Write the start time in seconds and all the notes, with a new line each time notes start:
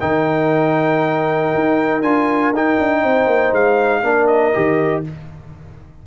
0.00 D#3 D#4 A#4 G5
1.54 D#4
2.02 D4 F4 G#5
2.52 D#4 G5
2.79 D4
3.03 C4 C5
3.26 A#3
3.52 G#3 F5
4.02 A#3 D4 A#4
4.27 D#5
4.54 D#3 G4